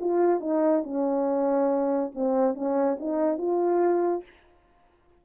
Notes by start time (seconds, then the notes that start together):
0.00 F4
0.41 D#4
0.83 C#4
2.14 C4
2.55 C#4
3.00 D#4
3.38 F4